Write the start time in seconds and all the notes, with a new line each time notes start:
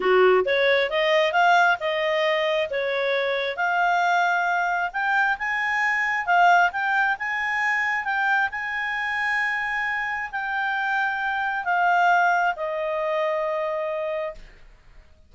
0.00 F#4
0.45 C#5
0.90 D#5
1.32 F5
1.80 D#5
2.70 C#5
3.56 F5
4.93 G5
5.38 G#5
6.26 F5
6.72 G5
7.18 G#5
8.04 G5
8.51 G#5
10.31 G5
11.64 F5
12.55 D#5